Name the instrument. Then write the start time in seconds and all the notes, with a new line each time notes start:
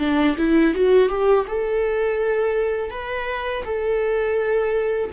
viola
0.00 D4
0.38 E4
0.75 F#4
1.09 G4
1.48 A4
2.91 B4
3.65 A4